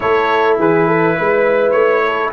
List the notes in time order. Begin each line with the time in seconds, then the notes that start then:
0.00 A3 E4 A4 C#5
0.58 E3 G#4 B4
0.87 A4
1.17 G#3 B4
1.71 A3 C#5
2.05 A4